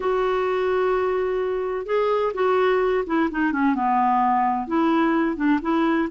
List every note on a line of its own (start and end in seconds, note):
0.00 1.86 F#4
1.86 2.32 G#4
2.34 3.04 F#4
3.06 3.29 E4
3.31 3.52 D#4
3.52 3.74 C#4
3.74 4.67 B3
4.67 5.36 E4
5.36 5.59 D4
5.61 6.08 E4